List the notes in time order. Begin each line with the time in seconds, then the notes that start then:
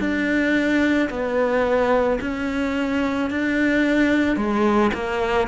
0.00 D4
1.10 B3
2.21 C#4
3.30 D4
4.37 G#3
4.94 A#3